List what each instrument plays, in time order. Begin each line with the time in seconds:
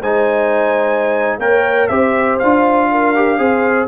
0.00 tuba G#3, trombone D#4, horn C5, trumpet G#5
1.39 tuba A#3, trombone A#4, horn C#5, trumpet G5
1.88 tuba C4, trombone G4, horn C5, trumpet E5
2.39 tuba D4, trombone F4, trumpet F5
2.91 horn A#4
3.15 trombone G4
3.38 tuba C4, trombone G#4, horn C5